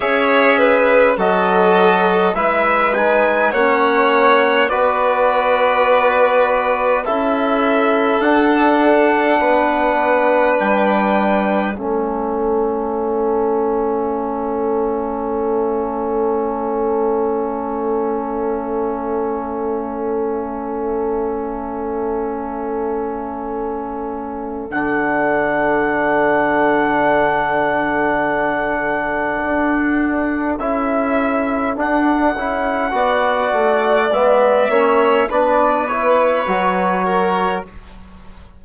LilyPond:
<<
  \new Staff \with { instrumentName = "trumpet" } { \time 4/4 \tempo 4 = 51 e''4 dis''4 e''8 gis''8 fis''4 | d''2 e''4 fis''4~ | fis''4 g''4 e''2~ | e''1~ |
e''1~ | e''4 fis''2.~ | fis''2 e''4 fis''4~ | fis''4 e''4 d''8 cis''4. | }
  \new Staff \with { instrumentName = "violin" } { \time 4/4 cis''8 b'8 a'4 b'4 cis''4 | b'2 a'2 | b'2 a'2~ | a'1~ |
a'1~ | a'1~ | a'1 | d''4. cis''8 b'4. ais'8 | }
  \new Staff \with { instrumentName = "trombone" } { \time 4/4 gis'4 fis'4 e'8 dis'8 cis'4 | fis'2 e'4 d'4~ | d'2 cis'2~ | cis'1~ |
cis'1~ | cis'4 d'2.~ | d'2 e'4 d'8 e'8 | fis'4 b8 cis'8 d'8 e'8 fis'4 | }
  \new Staff \with { instrumentName = "bassoon" } { \time 4/4 cis'4 fis4 gis4 ais4 | b2 cis'4 d'4 | b4 g4 a2~ | a1~ |
a1~ | a4 d2.~ | d4 d'4 cis'4 d'8 cis'8 | b8 a8 gis8 ais8 b4 fis4 | }
>>